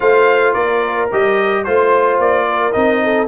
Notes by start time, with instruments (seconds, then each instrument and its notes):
0.00 tuba A3, trombone F4, horn C5, trumpet F5
0.53 tuba A#3, horn A#4, trumpet D5
1.12 tuba G3, trombone G4, trumpet D#5
1.64 tuba A3, trombone F4, horn C5, trumpet C5
2.18 tuba A#3, trumpet D5
2.48 horn A#4
2.72 tuba C4, trombone D#4, trumpet D#5
3.03 horn A4